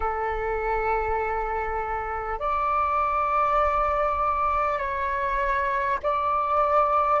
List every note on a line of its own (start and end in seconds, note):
0.00 2.39 A4
2.39 4.78 D5
4.78 5.98 C#5
6.02 7.20 D5